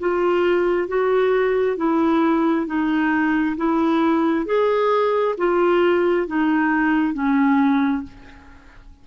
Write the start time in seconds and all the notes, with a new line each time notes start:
0.00 F4
0.88 F#4
1.77 E4
2.67 D#4
3.57 E4
4.46 G#4
5.38 F4
6.28 D#4
7.14 C#4